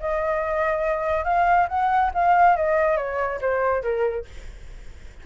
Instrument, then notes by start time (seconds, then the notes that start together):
flute
0.00 D#5
1.24 F5
1.68 F#5
2.14 F5
2.56 D#5
2.96 C#5
3.41 C5
3.82 A#4